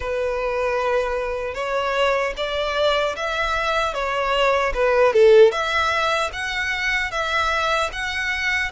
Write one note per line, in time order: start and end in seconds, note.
0.00 1.54 B4
1.54 2.33 C#5
2.36 3.15 D5
3.15 3.93 E5
3.93 4.72 C#5
4.74 5.13 B4
5.13 5.51 A4
5.51 6.30 E5
6.32 7.11 F#5
7.11 7.89 E5
7.92 8.71 F#5